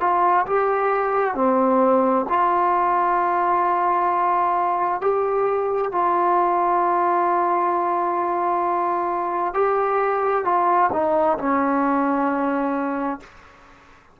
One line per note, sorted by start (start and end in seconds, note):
0.00 0.45 F4
0.46 1.34 G4
1.34 2.25 C4
2.29 5.01 F4
5.01 5.91 G4
5.91 9.54 F4
9.54 10.44 G4
10.44 10.90 F4
10.92 11.38 D#4
11.38 13.20 C#4